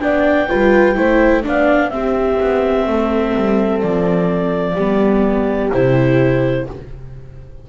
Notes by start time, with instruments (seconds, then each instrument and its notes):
0.00 double bass B3, viola D4, horn D5, clarinet G5
0.49 double bass G3, viola F4, horn B4
0.95 double bass A3, viola E4, horn C5
1.43 double bass B3, viola D4, horn D5, clarinet F5
1.89 viola C4, double bass C4, horn G4, clarinet E5
2.40 double bass B3
2.87 double bass A3, horn A4
3.36 double bass G3
3.82 double bass F3, clarinet D5
4.75 double bass G3, viola B3, horn G4
5.71 double bass C3, viola E4, clarinet C5